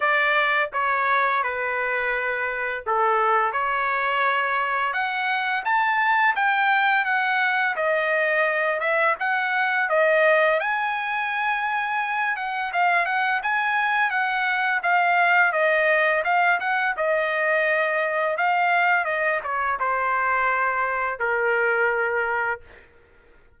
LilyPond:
\new Staff \with { instrumentName = "trumpet" } { \time 4/4 \tempo 4 = 85 d''4 cis''4 b'2 | a'4 cis''2 fis''4 | a''4 g''4 fis''4 dis''4~ | dis''8 e''8 fis''4 dis''4 gis''4~ |
gis''4. fis''8 f''8 fis''8 gis''4 | fis''4 f''4 dis''4 f''8 fis''8 | dis''2 f''4 dis''8 cis''8 | c''2 ais'2 | }